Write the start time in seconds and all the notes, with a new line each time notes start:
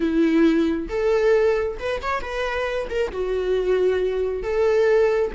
0.00 E4
0.88 A4
1.79 B4
2.02 C#5
2.21 B4
2.89 A#4
3.12 F#4
4.42 A4